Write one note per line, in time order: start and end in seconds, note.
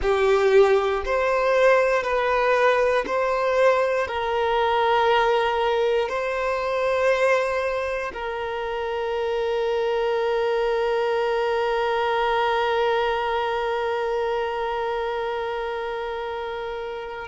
0.01 1.03 G4
1.04 2.03 C5
2.03 3.05 B4
3.06 4.07 C5
4.07 6.08 A#4
6.08 8.12 C5
8.13 17.27 A#4